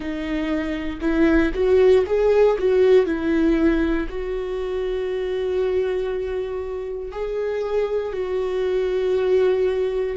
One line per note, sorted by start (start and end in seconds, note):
0.00 0.99 D#4
1.00 1.51 E4
1.53 2.04 F#4
2.06 2.57 G#4
2.58 3.05 F#4
3.05 4.07 E4
4.08 7.12 F#4
7.12 8.13 G#4
8.13 10.16 F#4